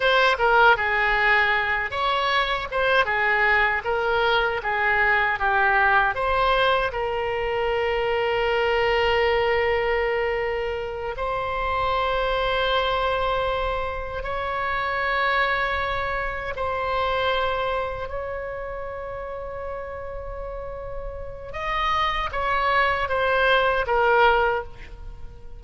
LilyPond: \new Staff \with { instrumentName = "oboe" } { \time 4/4 \tempo 4 = 78 c''8 ais'8 gis'4. cis''4 c''8 | gis'4 ais'4 gis'4 g'4 | c''4 ais'2.~ | ais'2~ ais'8 c''4.~ |
c''2~ c''8 cis''4.~ | cis''4. c''2 cis''8~ | cis''1 | dis''4 cis''4 c''4 ais'4 | }